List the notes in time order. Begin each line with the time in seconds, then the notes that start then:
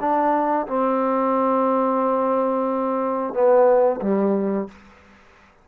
0.00 D4
0.67 C4
3.34 B3
4.02 G3